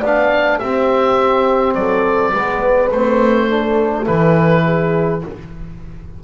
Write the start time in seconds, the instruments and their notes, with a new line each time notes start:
0.00 double bass B3, horn D5, oboe F5
0.06 trombone D4
0.59 trombone C4, double bass C4, horn G4, oboe E5
1.75 double bass F#3, horn A4, oboe D5
2.32 double bass G#3, trombone B3, horn B4
2.92 double bass A3, trombone C4, oboe C5
3.49 trombone D4, horn A4
4.04 double bass E3, trombone E4, oboe B4
4.64 horn G#4